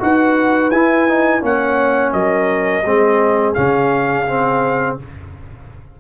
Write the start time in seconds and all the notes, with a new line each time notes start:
0.00 D#4 F#4 B4 F#5
0.71 E4 G#5
1.09 D#4
1.41 A#3 C#4 C#5 F#5
2.13 F#3 A#4 D#5
2.85 G#3 C4 G#4
3.54 C#3 C#4 F5
4.28 C4